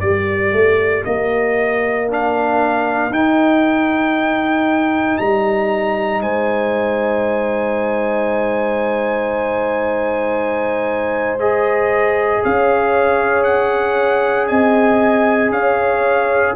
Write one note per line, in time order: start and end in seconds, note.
0.00 0.52 G3
0.00 2.08 G4
0.00 6.21 A#4
0.00 1.03 D5
0.52 1.03 A3
1.04 3.10 A#3
1.04 2.08 D#5
2.08 3.11 D4
2.08 3.13 F5
3.10 5.17 D#4
3.10 11.39 D#4
3.10 5.17 G5
5.17 6.22 G3
5.17 6.21 A#5
6.21 12.42 G#3
6.21 12.42 C5
6.21 11.39 G#5
11.39 16.55 G#4
11.39 12.43 D#5
12.43 14.50 C#4
12.43 14.49 C#5
12.43 13.43 F5
13.43 14.47 F#5
14.47 15.49 C4
14.47 15.52 D#5
14.47 15.51 G#5
15.49 16.53 C#4
15.49 16.55 C#5
15.49 16.55 F5